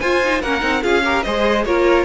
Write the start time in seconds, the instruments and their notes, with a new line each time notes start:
0.00 cello F4, viola F4, violin C5 G#5
0.23 viola D#4
0.42 cello A#3, viola C#4, violin A#4 F#5
0.60 cello C4, viola D#4
0.82 cello C#4, viola F4, violin G#4 F5
1.04 viola G4, violin A#4
1.23 cello G#3, viola G#4, violin C5 D#5
1.65 cello A#3, viola F4, violin A#4 C#5